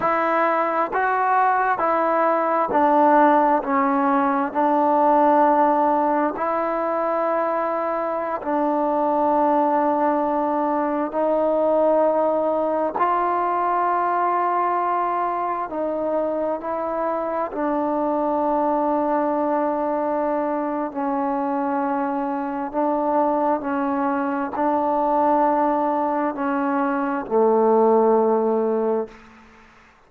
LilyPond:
\new Staff \with { instrumentName = "trombone" } { \time 4/4 \tempo 4 = 66 e'4 fis'4 e'4 d'4 | cis'4 d'2 e'4~ | e'4~ e'16 d'2~ d'8.~ | d'16 dis'2 f'4.~ f'16~ |
f'4~ f'16 dis'4 e'4 d'8.~ | d'2. cis'4~ | cis'4 d'4 cis'4 d'4~ | d'4 cis'4 a2 | }